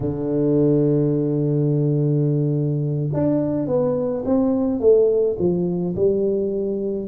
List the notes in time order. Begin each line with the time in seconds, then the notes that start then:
0.00 D3
3.13 D4
3.66 B3
4.25 C4
4.80 A3
5.38 F3
5.95 G3